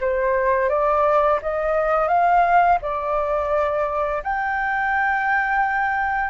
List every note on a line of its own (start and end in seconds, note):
0.00 0.69 C5
0.69 1.39 D5
1.42 2.08 D#5
2.08 2.78 F5
2.81 4.22 D5
4.23 6.30 G5